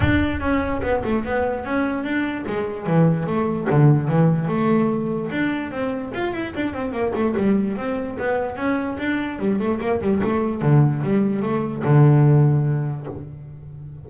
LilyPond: \new Staff \with { instrumentName = "double bass" } { \time 4/4 \tempo 4 = 147 d'4 cis'4 b8 a8 b4 | cis'4 d'4 gis4 e4 | a4 d4 e4 a4~ | a4 d'4 c'4 f'8 e'8 |
d'8 c'8 ais8 a8 g4 c'4 | b4 cis'4 d'4 g8 a8 | ais8 g8 a4 d4 g4 | a4 d2. | }